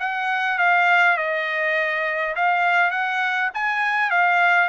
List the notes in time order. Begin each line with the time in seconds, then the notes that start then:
0.00 F#5
0.59 F5
1.18 D#5
2.36 F5
2.91 F#5
3.55 G#5
4.11 F5